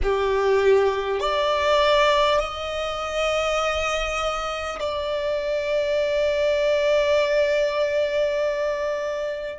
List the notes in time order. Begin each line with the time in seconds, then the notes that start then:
0.03 G4
1.19 D5
2.39 D#5
4.79 D5